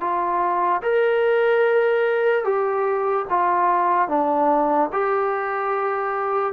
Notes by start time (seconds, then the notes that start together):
0.00 F4
0.82 A#4
2.44 G4
3.29 F4
4.08 D4
4.92 G4